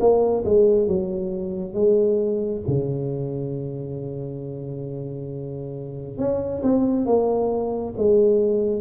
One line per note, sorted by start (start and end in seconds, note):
0.00 0.44 A#3
0.45 0.87 G#3
0.87 1.74 F#3
1.74 2.62 G#3
2.67 6.18 C#3
6.18 6.62 C#4
6.62 7.06 C4
7.06 7.94 A#3
7.97 8.81 G#3